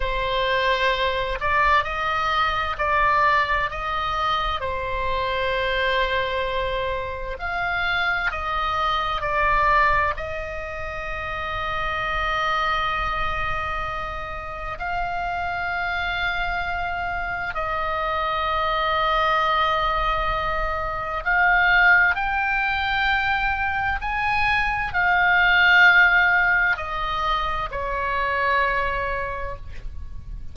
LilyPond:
\new Staff \with { instrumentName = "oboe" } { \time 4/4 \tempo 4 = 65 c''4. d''8 dis''4 d''4 | dis''4 c''2. | f''4 dis''4 d''4 dis''4~ | dis''1 |
f''2. dis''4~ | dis''2. f''4 | g''2 gis''4 f''4~ | f''4 dis''4 cis''2 | }